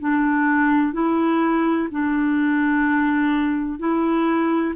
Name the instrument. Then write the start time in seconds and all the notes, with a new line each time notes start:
clarinet
0.00 D4
0.94 E4
1.91 D4
3.79 E4